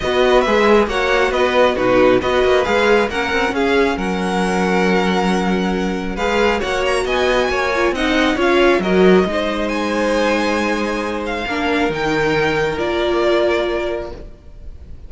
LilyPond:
<<
  \new Staff \with { instrumentName = "violin" } { \time 4/4 \tempo 4 = 136 dis''4 e''4 fis''4 dis''4 | b'4 dis''4 f''4 fis''4 | f''4 fis''2.~ | fis''2 f''4 fis''8 ais''8 |
gis''2 fis''4 f''4 | dis''2 gis''2~ | gis''4. f''4. g''4~ | g''4 d''2. | }
  \new Staff \with { instrumentName = "violin" } { \time 4/4 b'2 cis''4 b'4 | fis'4 b'2 ais'4 | gis'4 ais'2.~ | ais'2 b'4 cis''4 |
dis''4 cis''4 dis''4 cis''4 | ais'4 c''2.~ | c''2 ais'2~ | ais'1 | }
  \new Staff \with { instrumentName = "viola" } { \time 4/4 fis'4 gis'4 fis'2 | dis'4 fis'4 gis'4 cis'4~ | cis'1~ | cis'2 gis'4 fis'4~ |
fis'4. f'8 dis'4 f'4 | fis'4 dis'2.~ | dis'2 d'4 dis'4~ | dis'4 f'2. | }
  \new Staff \with { instrumentName = "cello" } { \time 4/4 b4 gis4 ais4 b4 | b,4 b8 ais8 gis4 ais8 c'8 | cis'4 fis2.~ | fis2 gis4 ais4 |
b4 ais4 c'4 cis'4 | fis4 gis2.~ | gis2 ais4 dis4~ | dis4 ais2. | }
>>